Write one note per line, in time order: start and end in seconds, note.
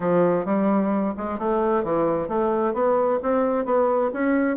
0.00 0.45 F3
0.45 1.13 G3
1.17 1.39 G#3
1.39 1.83 A3
1.83 2.28 E3
2.28 2.73 A3
2.73 3.19 B3
3.22 3.65 C4
3.65 4.11 B3
4.13 4.56 C#4